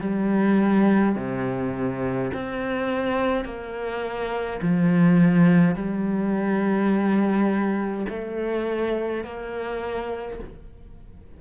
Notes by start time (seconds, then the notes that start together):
0.00 G3
1.15 C3
2.33 C4
3.45 A#3
4.62 F3
5.75 G3
8.09 A3
9.24 A#3